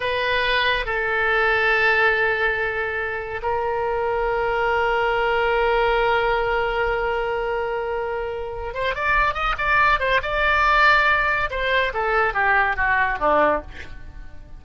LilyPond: \new Staff \with { instrumentName = "oboe" } { \time 4/4 \tempo 4 = 141 b'2 a'2~ | a'1 | ais'1~ | ais'1~ |
ais'1~ | ais'8 c''8 d''4 dis''8 d''4 c''8 | d''2. c''4 | a'4 g'4 fis'4 d'4 | }